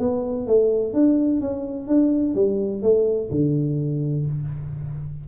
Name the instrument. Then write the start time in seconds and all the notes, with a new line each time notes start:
tuba
0.00 B3
0.48 A3
0.94 D4
1.41 C#4
1.88 D4
2.35 G3
2.83 A3
3.31 D3